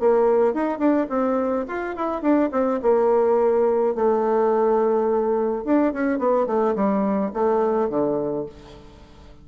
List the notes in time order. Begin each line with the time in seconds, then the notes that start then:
0.00 A#3
0.54 D#4
0.79 D4
1.10 C4
1.68 F4
1.96 E4
2.22 D4
2.52 C4
2.83 A#3
3.95 A3
5.65 D4
5.93 C#4
6.19 B3
6.47 A3
6.76 G3
7.34 A3
7.90 D3